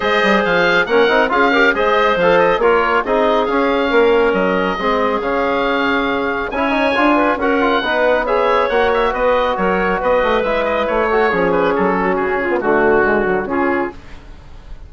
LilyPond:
<<
  \new Staff \with { instrumentName = "oboe" } { \time 4/4 \tempo 4 = 138 dis''4 f''4 fis''4 f''4 | dis''4 f''8 dis''8 cis''4 dis''4 | f''2 dis''2 | f''2. gis''4~ |
gis''4 fis''2 e''4 | fis''8 e''8 dis''4 cis''4 dis''4 | e''8 dis''8 cis''4. b'8 a'4 | gis'4 fis'2 gis'4 | }
  \new Staff \with { instrumentName = "clarinet" } { \time 4/4 c''2 ais'4 gis'8 ais'8 | c''2 ais'4 gis'4~ | gis'4 ais'2 gis'4~ | gis'2. cis''4~ |
cis''8 b'8 ais'4 b'4 cis''4~ | cis''4 b'4 ais'4 b'4~ | b'4. a'8 gis'4. fis'8~ | fis'8 f'8 fis'2 f'4 | }
  \new Staff \with { instrumentName = "trombone" } { \time 4/4 gis'2 cis'8 dis'8 f'8 g'8 | gis'4 a'4 f'4 dis'4 | cis'2. c'4 | cis'2. e'8 dis'8 |
f'4 fis'8 f'8 dis'4 gis'4 | fis'1 | e'4. fis'8 cis'2~ | cis'8. b16 a4 gis8 fis8 cis'4 | }
  \new Staff \with { instrumentName = "bassoon" } { \time 4/4 gis8 g8 f4 ais8 c'8 cis'4 | gis4 f4 ais4 c'4 | cis'4 ais4 fis4 gis4 | cis2. cis'4 |
d'4 cis'4 b2 | ais4 b4 fis4 b8 a8 | gis4 a4 f4 fis4 | cis4 d2 cis4 | }
>>